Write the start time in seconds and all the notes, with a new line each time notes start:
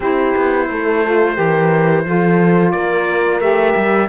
0.00 C4 E4 G4 C5
0.36 B3
0.69 A3 A4
1.05 F4
1.34 E3 G4 A#4
2.05 F3 F4 A4
2.71 A#3 A#4 D5
3.40 A3 G4 E5
3.76 G3